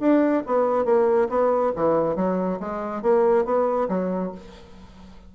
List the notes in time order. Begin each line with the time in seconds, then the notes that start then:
0.00 D4
0.46 B3
0.85 A#3
1.29 B3
1.76 E3
2.16 F#3
2.60 G#3
3.02 A#3
3.45 B3
3.89 F#3